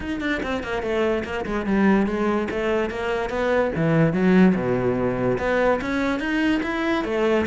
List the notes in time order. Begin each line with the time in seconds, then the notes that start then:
0.00 D#4
0.20 D4
0.42 C4
0.63 A#3
0.82 A3
1.24 A#3
1.45 G#3
1.66 G3
2.06 G#3
2.50 A3
2.90 A#3
3.29 B3
3.75 E3
4.13 F#3
4.55 B2
5.38 B3
5.81 C#4
6.19 D#4
6.62 E4
7.04 A3